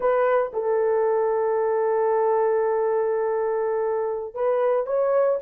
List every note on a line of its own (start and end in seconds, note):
0.00 0.51 B4
0.53 4.34 A4
4.34 4.86 B4
4.86 5.39 C#5